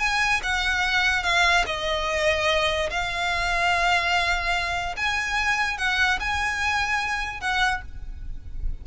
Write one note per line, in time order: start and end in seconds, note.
0.00 0.41 G#5
0.44 1.24 F#5
1.24 1.65 F5
1.67 2.90 D#5
2.90 4.96 F5
4.97 5.78 G#5
5.78 6.19 F#5
6.20 7.41 G#5
7.41 7.82 F#5